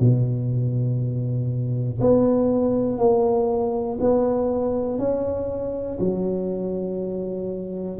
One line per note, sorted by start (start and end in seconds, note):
0.00 2.00 B2
2.00 2.99 B3
2.99 3.99 A#3
4.00 4.99 B3
4.99 5.99 C#4
6.00 8.00 F#3